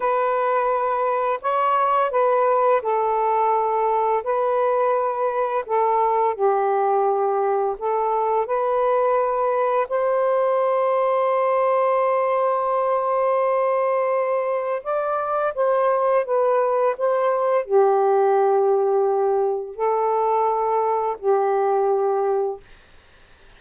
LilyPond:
\new Staff \with { instrumentName = "saxophone" } { \time 4/4 \tempo 4 = 85 b'2 cis''4 b'4 | a'2 b'2 | a'4 g'2 a'4 | b'2 c''2~ |
c''1~ | c''4 d''4 c''4 b'4 | c''4 g'2. | a'2 g'2 | }